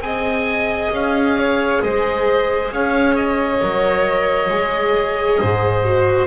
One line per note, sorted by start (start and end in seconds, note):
0.00 0.90 C4
0.00 3.60 G#4
0.00 1.38 D#5
0.00 0.91 G#5
0.90 1.80 C#4
0.90 1.82 F5
1.38 1.83 C#5
1.82 2.71 G#3
1.82 2.73 C5
1.82 2.72 D#5
2.71 3.61 C#4
2.71 5.40 C#5
2.71 3.15 F5
3.15 6.26 D#5
3.61 4.49 F#3
3.61 4.50 A#4
4.49 5.39 G#3
4.49 5.84 G#4
5.40 6.26 G#2
5.40 6.26 C5
5.84 6.26 F#4